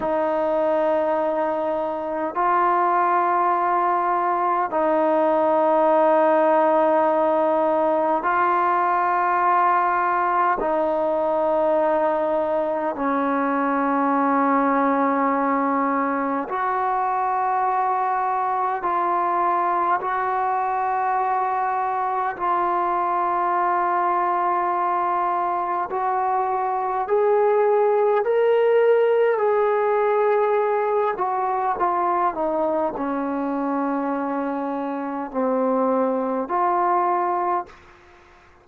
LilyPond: \new Staff \with { instrumentName = "trombone" } { \time 4/4 \tempo 4 = 51 dis'2 f'2 | dis'2. f'4~ | f'4 dis'2 cis'4~ | cis'2 fis'2 |
f'4 fis'2 f'4~ | f'2 fis'4 gis'4 | ais'4 gis'4. fis'8 f'8 dis'8 | cis'2 c'4 f'4 | }